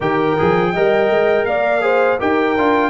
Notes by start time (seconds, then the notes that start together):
0.00 D#3 G4 A#4 G5
0.37 F3 G#4
0.73 G3 A#4 D#5
1.10 G#3
1.45 A#3 D5 F5
1.81 G#4 C5
2.19 D#4 G4 A#4 G5
2.57 D4 F4